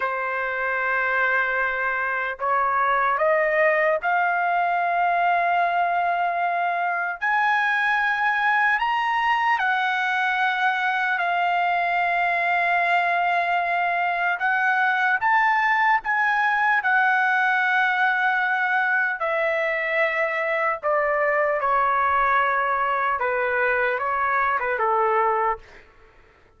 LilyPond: \new Staff \with { instrumentName = "trumpet" } { \time 4/4 \tempo 4 = 75 c''2. cis''4 | dis''4 f''2.~ | f''4 gis''2 ais''4 | fis''2 f''2~ |
f''2 fis''4 a''4 | gis''4 fis''2. | e''2 d''4 cis''4~ | cis''4 b'4 cis''8. b'16 a'4 | }